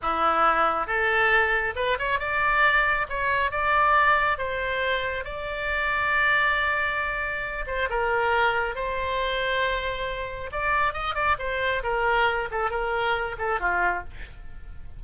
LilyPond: \new Staff \with { instrumentName = "oboe" } { \time 4/4 \tempo 4 = 137 e'2 a'2 | b'8 cis''8 d''2 cis''4 | d''2 c''2 | d''1~ |
d''4. c''8 ais'2 | c''1 | d''4 dis''8 d''8 c''4 ais'4~ | ais'8 a'8 ais'4. a'8 f'4 | }